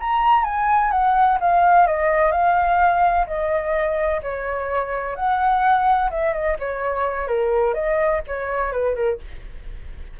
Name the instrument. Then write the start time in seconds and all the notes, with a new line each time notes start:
flute
0.00 A#5
0.44 G#5
0.91 F#5
1.40 F5
1.87 D#5
2.32 F5
3.27 D#5
4.23 C#5
5.16 F#5
6.11 E5
6.33 D#5
6.59 C#5
7.28 A#4
7.74 D#5
8.27 C#5
8.72 B4
8.95 A#4